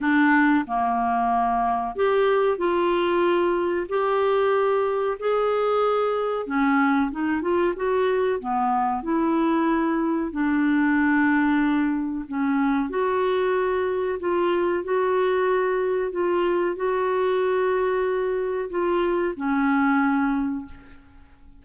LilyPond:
\new Staff \with { instrumentName = "clarinet" } { \time 4/4 \tempo 4 = 93 d'4 ais2 g'4 | f'2 g'2 | gis'2 cis'4 dis'8 f'8 | fis'4 b4 e'2 |
d'2. cis'4 | fis'2 f'4 fis'4~ | fis'4 f'4 fis'2~ | fis'4 f'4 cis'2 | }